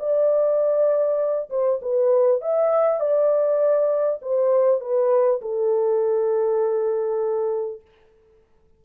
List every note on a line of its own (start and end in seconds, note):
0.00 1.50 D5
1.50 1.80 C5
1.82 2.42 B4
2.42 3.01 E5
3.01 4.21 D5
4.22 4.81 C5
4.81 5.41 B4
5.42 7.82 A4